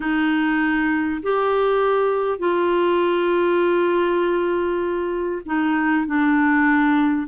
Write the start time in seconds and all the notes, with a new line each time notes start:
0.00 D#4
1.23 G4
2.38 F4
5.45 D#4
6.06 D4